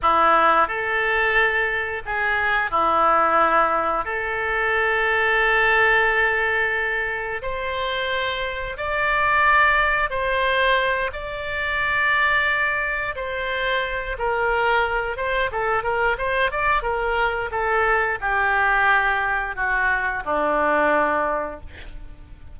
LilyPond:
\new Staff \with { instrumentName = "oboe" } { \time 4/4 \tempo 4 = 89 e'4 a'2 gis'4 | e'2 a'2~ | a'2. c''4~ | c''4 d''2 c''4~ |
c''8 d''2. c''8~ | c''4 ais'4. c''8 a'8 ais'8 | c''8 d''8 ais'4 a'4 g'4~ | g'4 fis'4 d'2 | }